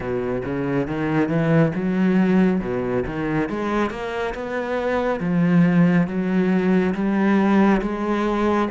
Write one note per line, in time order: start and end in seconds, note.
0.00 0.42 B2
0.45 0.87 C#3
0.87 1.28 D#3
1.28 1.72 E3
1.74 2.60 F#3
2.60 3.04 B2
3.06 3.49 D#3
3.49 3.90 G#3
3.90 4.34 A#3
4.34 5.20 B3
5.20 6.07 F3
6.07 6.94 F#3
6.94 7.81 G3
7.81 8.68 G#3